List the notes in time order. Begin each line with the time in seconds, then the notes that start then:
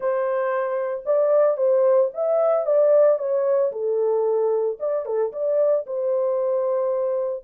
0.00 C5
1.05 D5
1.57 C5
2.14 E5
2.65 D5
3.18 C#5
3.72 A4
4.79 D5
5.05 A4
5.32 D5
5.86 C5